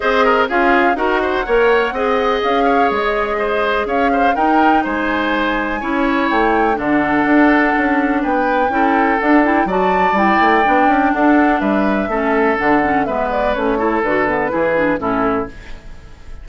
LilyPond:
<<
  \new Staff \with { instrumentName = "flute" } { \time 4/4 \tempo 4 = 124 dis''4 f''4 fis''2~ | fis''4 f''4 dis''2 | f''4 g''4 gis''2~ | gis''4 g''4 fis''2~ |
fis''4 g''2 fis''8 g''8 | a''4 g''2 fis''4 | e''2 fis''4 e''8 d''8 | cis''4 b'2 a'4 | }
  \new Staff \with { instrumentName = "oboe" } { \time 4/4 c''8 ais'8 gis'4 ais'8 c''8 cis''4 | dis''4. cis''4. c''4 | cis''8 c''8 ais'4 c''2 | cis''2 a'2~ |
a'4 b'4 a'2 | d''2. a'4 | b'4 a'2 b'4~ | b'8 a'4. gis'4 e'4 | }
  \new Staff \with { instrumentName = "clarinet" } { \time 4/4 gis'4 f'4 fis'4 ais'4 | gis'1~ | gis'4 dis'2. | e'2 d'2~ |
d'2 e'4 d'8 e'8 | fis'4 e'4 d'2~ | d'4 cis'4 d'8 cis'8 b4 | cis'8 e'8 fis'8 b8 e'8 d'8 cis'4 | }
  \new Staff \with { instrumentName = "bassoon" } { \time 4/4 c'4 cis'4 dis'4 ais4 | c'4 cis'4 gis2 | cis'4 dis'4 gis2 | cis'4 a4 d4 d'4 |
cis'4 b4 cis'4 d'4 | fis4 g8 a8 b8 cis'8 d'4 | g4 a4 d4 gis4 | a4 d4 e4 a,4 | }
>>